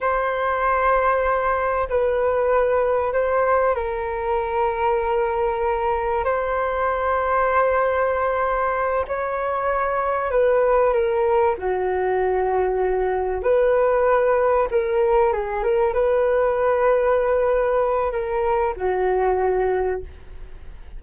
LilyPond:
\new Staff \with { instrumentName = "flute" } { \time 4/4 \tempo 4 = 96 c''2. b'4~ | b'4 c''4 ais'2~ | ais'2 c''2~ | c''2~ c''8 cis''4.~ |
cis''8 b'4 ais'4 fis'4.~ | fis'4. b'2 ais'8~ | ais'8 gis'8 ais'8 b'2~ b'8~ | b'4 ais'4 fis'2 | }